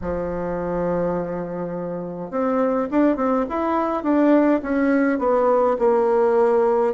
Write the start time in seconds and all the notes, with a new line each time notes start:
0.01 F3
2.30 C4
2.91 D4
3.16 C4
3.49 E4
4.03 D4
4.62 C#4
5.19 B3
5.78 A#3